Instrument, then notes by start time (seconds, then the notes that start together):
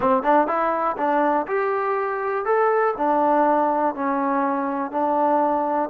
trombone
0.00 C4
0.22 D4
0.47 E4
0.97 D4
1.47 G4
2.45 A4
2.97 D4
3.95 C#4
4.91 D4